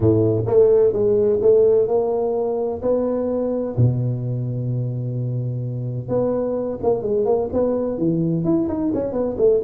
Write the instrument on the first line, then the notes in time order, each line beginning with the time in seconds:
tuba
0.00 A2
0.46 A3
0.92 G#3
1.41 A3
1.87 A#3
2.82 B3
3.76 B2
6.08 B3
6.82 A#3
7.02 G#3
7.25 A#3
7.52 B3
7.98 E3
8.44 E4
8.68 D#4
8.93 C#4
9.12 B3
9.37 A3